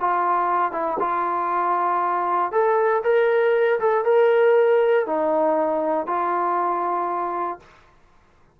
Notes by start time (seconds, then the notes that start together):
0.00 F4
0.72 E4
0.99 F4
2.51 A4
3.03 A#4
3.80 A4
4.04 A#4
5.06 D#4
6.06 F4